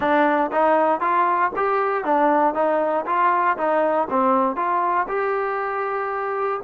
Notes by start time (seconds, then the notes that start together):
0.00 D4
0.52 D#4
1.00 F4
1.56 G4
2.04 D4
2.54 D#4
3.05 F4
3.57 D#4
4.10 C4
4.56 F4
5.08 G4